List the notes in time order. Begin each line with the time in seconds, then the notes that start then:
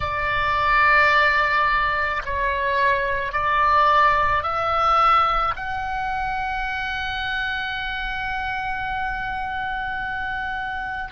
0.00 D5
2.25 C#5
3.32 D5
4.43 E5
5.56 F#5